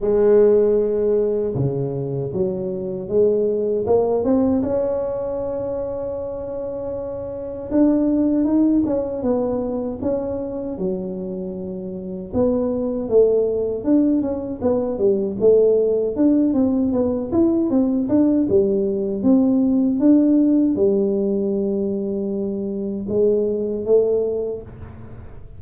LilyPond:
\new Staff \with { instrumentName = "tuba" } { \time 4/4 \tempo 4 = 78 gis2 cis4 fis4 | gis4 ais8 c'8 cis'2~ | cis'2 d'4 dis'8 cis'8 | b4 cis'4 fis2 |
b4 a4 d'8 cis'8 b8 g8 | a4 d'8 c'8 b8 e'8 c'8 d'8 | g4 c'4 d'4 g4~ | g2 gis4 a4 | }